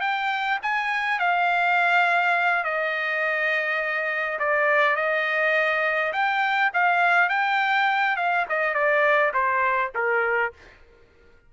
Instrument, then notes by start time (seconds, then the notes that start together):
trumpet
0.00 G5
0.62 G#5
1.19 F5
2.64 D#5
4.39 D5
4.96 D#5
6.13 G5
6.73 F5
7.29 G5
8.16 F5
8.49 D#5
8.74 D5
9.33 C5
9.94 A#4